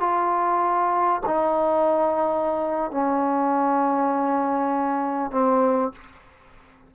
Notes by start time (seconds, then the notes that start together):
0.00 F4
1.26 D#4
2.91 C#4
5.31 C4